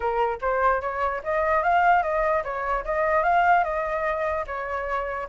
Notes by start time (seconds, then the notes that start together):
0.00 A#4
0.41 C5
0.81 C#5
1.23 D#5
1.63 F5
2.02 D#5
2.43 C#5
2.85 D#5
3.23 F5
3.64 D#5
4.46 C#5